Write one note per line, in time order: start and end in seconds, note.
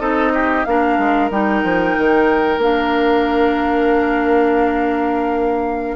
0.00 0.65 C4
0.00 0.65 D#4
0.00 0.33 A4
0.00 0.65 D#5
0.34 0.66 G4
0.65 0.99 A#3
0.65 1.31 D4
0.65 5.96 A#4
0.65 1.30 F5
0.99 1.31 G#3
1.31 1.63 G3
1.31 2.60 D#4
1.31 2.61 G5
1.64 1.96 F3
1.99 2.58 D#3
2.58 5.96 A#3
2.58 5.96 D4
2.58 5.96 F5